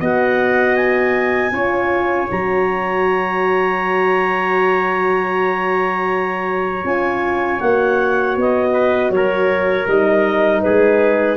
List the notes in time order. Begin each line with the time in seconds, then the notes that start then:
0.00 B3 F#4 D#5 F#5
0.76 G#5
1.52 C#4 F4 C#5
2.30 F#3 F#4 A#5
6.84 C#4 F4 G#5
7.60 A#3 F#4 F#5
8.36 B3 D#5
8.73 B4
9.10 F#3 A#4 C#5
9.87 G3 D#4 D#5
10.61 G#4 B4
10.68 G#3